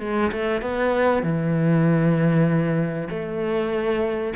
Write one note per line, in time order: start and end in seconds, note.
0.00 0.31 G#3
0.32 0.61 A3
0.61 1.23 B3
1.23 3.08 E3
3.10 4.33 A3